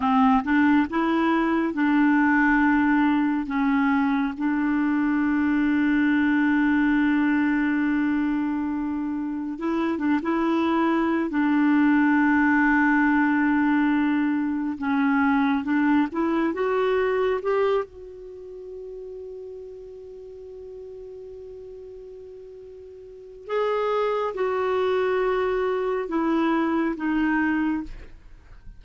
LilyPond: \new Staff \with { instrumentName = "clarinet" } { \time 4/4 \tempo 4 = 69 c'8 d'8 e'4 d'2 | cis'4 d'2.~ | d'2. e'8 d'16 e'16~ | e'4 d'2.~ |
d'4 cis'4 d'8 e'8 fis'4 | g'8 fis'2.~ fis'8~ | fis'2. gis'4 | fis'2 e'4 dis'4 | }